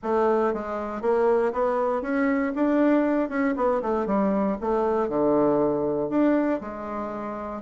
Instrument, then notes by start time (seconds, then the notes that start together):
bassoon
0.03 A3
0.53 G#3
1.01 A#3
1.53 B3
2.02 C#4
2.55 D4
3.29 C#4
3.56 B3
3.82 A3
4.06 G3
4.61 A3
5.08 D3
6.09 D4
6.60 G#3